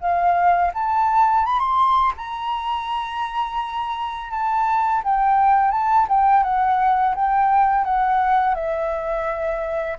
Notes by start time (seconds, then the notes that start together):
0.00 F5
0.74 A5
1.45 B5
1.59 C6
2.17 A#5
4.31 A5
5.04 G5
5.71 A5
6.08 G5
6.43 F#5
7.15 G5
7.84 F#5
8.55 E5